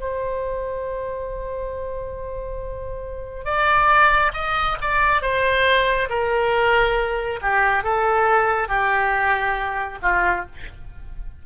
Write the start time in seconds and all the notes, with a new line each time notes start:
0.00 C5
3.45 D5
4.33 D#5
4.81 D5
5.22 C5
6.09 A#4
7.42 G4
7.83 A4
8.68 G4
10.02 F4